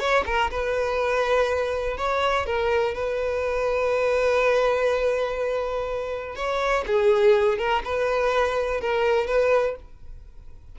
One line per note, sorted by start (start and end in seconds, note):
0.00 0.24 C#5
0.27 0.51 A#4
0.51 1.98 B4
1.98 2.46 C#5
2.46 2.95 A#4
2.95 6.36 B4
6.36 6.85 C#5
6.87 7.58 G#4
7.58 7.83 A#4
7.85 8.81 B4
8.81 9.27 A#4
9.27 9.76 B4